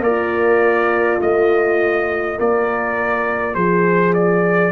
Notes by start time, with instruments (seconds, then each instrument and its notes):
0.00 tuba A#3, trombone A#4, trumpet D5
0.06 horn F4
1.19 tuba A3, trombone F4, trumpet D#5
2.37 tuba A#3, horn A#4, trumpet D5
3.54 tuba F3, horn G#4, trumpet C5
4.14 trumpet D5